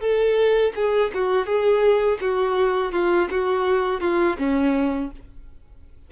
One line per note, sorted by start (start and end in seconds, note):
0.00 0.72 A4
0.75 1.11 G#4
1.14 1.46 F#4
1.46 2.18 G#4
2.20 2.92 F#4
2.92 3.28 F4
3.30 4.00 F#4
4.00 4.36 F4
4.38 5.11 C#4